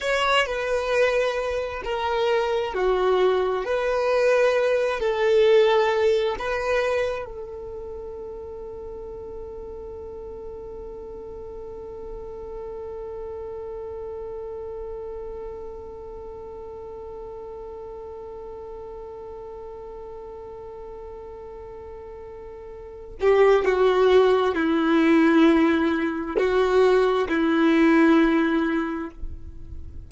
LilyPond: \new Staff \with { instrumentName = "violin" } { \time 4/4 \tempo 4 = 66 cis''8 b'4. ais'4 fis'4 | b'4. a'4. b'4 | a'1~ | a'1~ |
a'1~ | a'1~ | a'4. g'8 fis'4 e'4~ | e'4 fis'4 e'2 | }